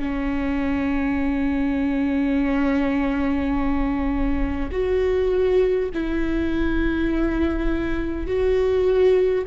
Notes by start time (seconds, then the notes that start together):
0.00 C#4
4.72 F#4
5.94 E4
8.27 F#4